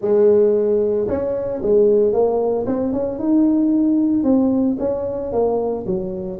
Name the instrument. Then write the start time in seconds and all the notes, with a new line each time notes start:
tuba
0.01 G#3
1.08 C#4
1.62 G#3
2.12 A#3
2.66 C4
2.93 C#4
3.18 D#4
4.23 C4
4.79 C#4
5.32 A#3
5.86 F#3